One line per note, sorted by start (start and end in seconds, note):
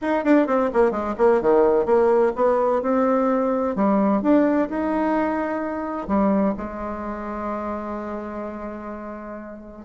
0.01 0.24 D#4
0.24 0.46 D4
0.46 0.70 C4
0.73 0.91 A#3
0.91 1.14 G#3
1.17 1.41 A#3
1.41 1.85 D#3
1.85 2.32 A#3
2.35 2.82 B3
2.82 3.75 C4
3.75 4.22 G3
4.22 4.69 D4
4.69 6.07 D#4
6.07 6.54 G3
6.57 9.85 G#3